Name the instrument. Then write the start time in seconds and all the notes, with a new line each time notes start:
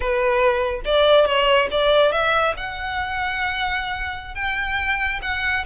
violin
0.00 B4
0.85 D5
1.25 C#5
1.71 D5
2.12 E5
2.56 F#5
4.35 G5
5.22 F#5